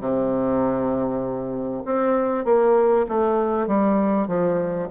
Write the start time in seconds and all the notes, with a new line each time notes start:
0.00 C3
1.85 C4
2.45 A#3
3.08 A3
3.67 G3
4.27 F3